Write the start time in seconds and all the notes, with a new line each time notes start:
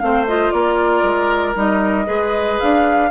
0.00 A3 C4 C5 F5
0.28 F4 D#5
0.51 A#3 A#4 D5
1.03 G#3
1.55 G3 D#4 D#5
2.06 G#3 G#4 B4
2.60 D4 F5